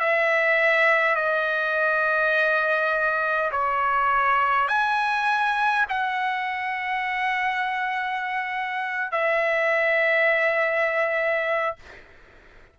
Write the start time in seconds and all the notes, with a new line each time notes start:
0.00 E5
1.16 D#5
3.52 C#5
4.68 G#5
5.89 F#5
9.12 E5